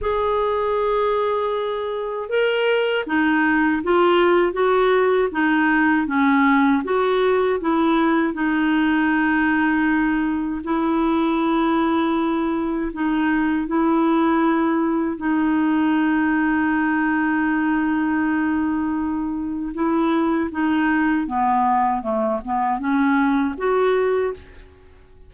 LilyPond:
\new Staff \with { instrumentName = "clarinet" } { \time 4/4 \tempo 4 = 79 gis'2. ais'4 | dis'4 f'4 fis'4 dis'4 | cis'4 fis'4 e'4 dis'4~ | dis'2 e'2~ |
e'4 dis'4 e'2 | dis'1~ | dis'2 e'4 dis'4 | b4 a8 b8 cis'4 fis'4 | }